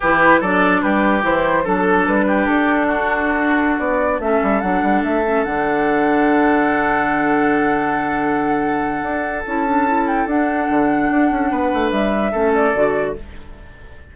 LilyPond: <<
  \new Staff \with { instrumentName = "flute" } { \time 4/4 \tempo 4 = 146 b'4 d''4 b'4 c''4 | a'4 b'4 a'2~ | a'4~ a'16 d''4 e''4 fis''8.~ | fis''16 e''4 fis''2~ fis''8.~ |
fis''1~ | fis''2. a''4~ | a''8 g''8 fis''2.~ | fis''4 e''4. d''4. | }
  \new Staff \with { instrumentName = "oboe" } { \time 4/4 g'4 a'4 g'2 | a'4. g'4. fis'4~ | fis'2~ fis'16 a'4.~ a'16~ | a'1~ |
a'1~ | a'1~ | a'1 | b'2 a'2 | }
  \new Staff \with { instrumentName = "clarinet" } { \time 4/4 e'4 d'2 e'4 | d'1~ | d'2~ d'16 cis'4 d'8.~ | d'8. cis'8 d'2~ d'8.~ |
d'1~ | d'2. e'8 d'8 | e'4 d'2.~ | d'2 cis'4 fis'4 | }
  \new Staff \with { instrumentName = "bassoon" } { \time 4/4 e4 fis4 g4 e4 | fis4 g4 d'2~ | d'4~ d'16 b4 a8 g8 fis8 g16~ | g16 a4 d2~ d8.~ |
d1~ | d2 d'4 cis'4~ | cis'4 d'4 d4 d'8 cis'8 | b8 a8 g4 a4 d4 | }
>>